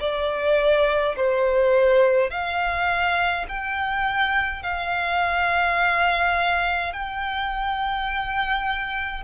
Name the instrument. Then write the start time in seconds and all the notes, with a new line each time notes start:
violin
0.00 D5
1.16 C5
2.31 F5
3.49 G5
4.63 F5
6.93 G5